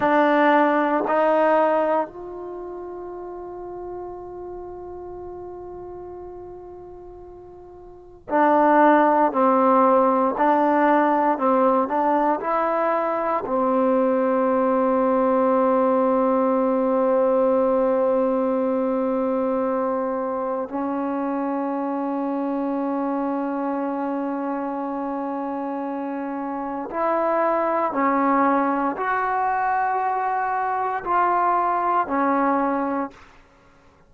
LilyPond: \new Staff \with { instrumentName = "trombone" } { \time 4/4 \tempo 4 = 58 d'4 dis'4 f'2~ | f'1 | d'4 c'4 d'4 c'8 d'8 | e'4 c'2.~ |
c'1 | cis'1~ | cis'2 e'4 cis'4 | fis'2 f'4 cis'4 | }